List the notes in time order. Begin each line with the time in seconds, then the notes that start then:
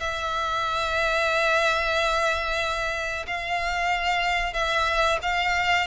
0.00 E5
3.27 F5
4.53 E5
5.22 F5